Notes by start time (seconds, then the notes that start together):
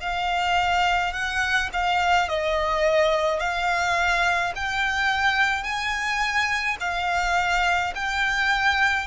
0.00 F5
1.13 F#5
1.73 F5
2.28 D#5
3.40 F5
4.55 G5
5.63 G#5
6.80 F5
7.95 G5